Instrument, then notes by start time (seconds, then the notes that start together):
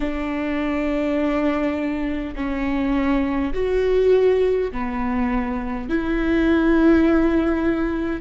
viola
0.00 D4
2.35 C#4
3.53 F#4
4.71 B3
5.89 E4